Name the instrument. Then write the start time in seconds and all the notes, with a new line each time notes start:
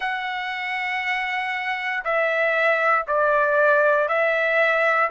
trumpet
0.00 F#5
2.04 E5
3.07 D5
4.08 E5